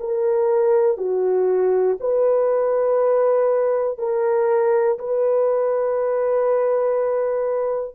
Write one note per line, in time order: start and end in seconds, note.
0.00 0.98 A#4
0.98 1.98 F#4
2.00 3.98 B4
3.98 4.98 A#4
4.99 7.95 B4